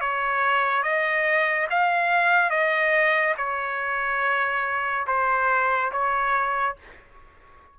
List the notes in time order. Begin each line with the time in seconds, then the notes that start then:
0.00 C#5
0.83 D#5
1.70 F5
2.50 D#5
3.37 C#5
5.07 C5
5.92 C#5